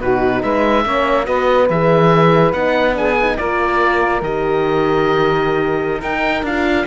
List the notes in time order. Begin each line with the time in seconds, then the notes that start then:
0.00 B2 D#4 F#4 B4
0.43 G#3 B4 E5
0.84 A#3 C#4 C#5
1.25 B3 F#4 B4 D#5
1.70 E3 G#4 E5
2.53 B3 D#4 F#5
2.94 D4 G#4 G#5
3.21 D#4
3.37 A#3 F4 A#4 D5
4.22 D#3 G4 D#5
6.02 D#4 G5
6.43 D4 F4 F5